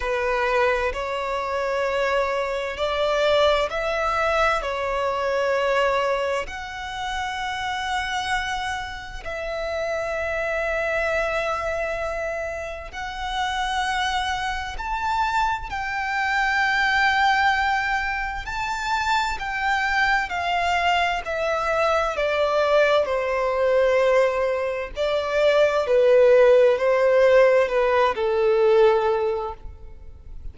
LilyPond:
\new Staff \with { instrumentName = "violin" } { \time 4/4 \tempo 4 = 65 b'4 cis''2 d''4 | e''4 cis''2 fis''4~ | fis''2 e''2~ | e''2 fis''2 |
a''4 g''2. | a''4 g''4 f''4 e''4 | d''4 c''2 d''4 | b'4 c''4 b'8 a'4. | }